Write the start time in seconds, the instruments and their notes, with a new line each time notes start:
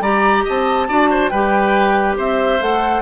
0.00 bassoon G3, clarinet G4, oboe D5, flute A#5
0.44 bassoon C4, oboe D#5, flute A5
0.87 bassoon D4, clarinet F#4, oboe D5
1.10 oboe C5
1.28 bassoon G3, clarinet G4, oboe B4, flute G5
2.17 bassoon C4, oboe C5, flute E5
2.59 bassoon A3, clarinet A4, flute F#5